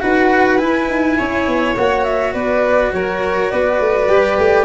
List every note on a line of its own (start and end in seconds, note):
0.00 0.60 D#4
0.00 0.58 F#4
0.00 1.17 B4
0.00 0.58 F#5
0.58 1.75 E4
0.58 0.88 E4
0.58 1.74 G#5
0.88 1.18 D#4
1.17 1.47 C#4
1.17 2.33 C#5
1.47 1.76 B3
1.76 2.34 A#3
1.76 4.09 F#4
1.76 2.04 F#5
2.04 2.33 E5
2.33 2.92 B3
2.33 2.92 B4
2.33 2.92 D5
2.92 3.51 F#3
2.92 3.52 A#4
2.92 3.50 C#5
3.50 3.80 B3
3.50 4.65 B4
3.50 4.65 D5
3.80 4.08 A3
4.08 4.37 G3
4.08 4.65 G4
4.38 4.65 A3